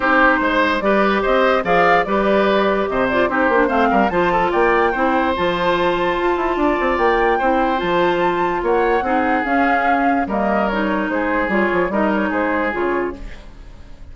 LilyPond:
<<
  \new Staff \with { instrumentName = "flute" } { \time 4/4 \tempo 4 = 146 c''2 d''4 dis''4 | f''4 d''2 dis''8 d''8 | c''4 f''4 a''4 g''4~ | g''4 a''2.~ |
a''4 g''2 a''4~ | a''4 fis''2 f''4~ | f''4 dis''4 cis''4 c''4 | cis''4 dis''8 cis''8 c''4 cis''4 | }
  \new Staff \with { instrumentName = "oboe" } { \time 4/4 g'4 c''4 b'4 c''4 | d''4 b'2 c''4 | g'4 c''8 ais'8 c''8 a'8 d''4 | c''1 |
d''2 c''2~ | c''4 cis''4 gis'2~ | gis'4 ais'2 gis'4~ | gis'4 ais'4 gis'2 | }
  \new Staff \with { instrumentName = "clarinet" } { \time 4/4 dis'2 g'2 | gis'4 g'2~ g'8 f'8 | dis'8 d'8 c'4 f'2 | e'4 f'2.~ |
f'2 e'4 f'4~ | f'2 dis'4 cis'4~ | cis'4 ais4 dis'2 | f'4 dis'2 f'4 | }
  \new Staff \with { instrumentName = "bassoon" } { \time 4/4 c'4 gis4 g4 c'4 | f4 g2 c4 | c'8 ais8 a8 g8 f4 ais4 | c'4 f2 f'8 e'8 |
d'8 c'8 ais4 c'4 f4~ | f4 ais4 c'4 cis'4~ | cis'4 g2 gis4 | g8 f8 g4 gis4 cis4 | }
>>